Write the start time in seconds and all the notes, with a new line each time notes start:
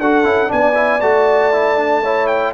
0.00 D4 F#4 A4 F#5
0.24 C#4 E4
0.48 B3 D4 D5 G#5
0.75 E4
1.01 A3 F#4 A5
1.53 E4
1.77 D4
2.03 E4 C#5
2.27 G5